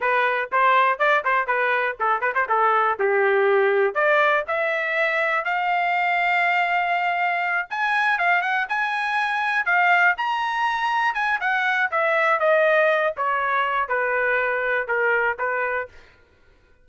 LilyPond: \new Staff \with { instrumentName = "trumpet" } { \time 4/4 \tempo 4 = 121 b'4 c''4 d''8 c''8 b'4 | a'8 b'16 c''16 a'4 g'2 | d''4 e''2 f''4~ | f''2.~ f''8 gis''8~ |
gis''8 f''8 fis''8 gis''2 f''8~ | f''8 ais''2 gis''8 fis''4 | e''4 dis''4. cis''4. | b'2 ais'4 b'4 | }